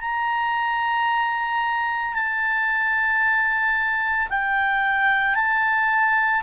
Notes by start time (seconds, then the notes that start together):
0.00 A#5
2.14 A5
4.30 G5
5.35 A5